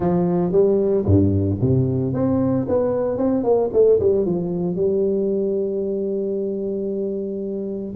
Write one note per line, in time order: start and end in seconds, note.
0.00 0.51 F3
0.51 1.05 G3
1.05 1.58 G2
1.60 2.13 C3
2.13 2.66 C4
2.68 3.17 B3
3.17 3.43 C4
3.43 3.70 A#3
3.72 3.99 A3
3.99 4.25 G3
4.25 4.75 F3
4.75 7.94 G3